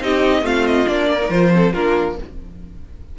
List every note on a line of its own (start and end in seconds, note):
0.00 0.42 C4
0.00 0.41 D#4
0.00 0.43 G4
0.00 0.46 D#5
0.41 0.85 A3
0.41 0.85 C4
0.41 1.08 F4
0.41 0.66 F5
0.66 0.87 D#5
0.85 1.29 A#3
0.85 1.18 D4
0.85 1.30 D5
1.10 1.53 A#4
1.21 1.30 D#4
1.29 1.72 F3
1.29 1.51 F4
1.29 1.73 C5
1.52 1.73 C4
1.52 1.73 A4
1.73 2.18 A#3
1.73 2.18 D4
1.73 2.16 F4
1.73 2.16 A#4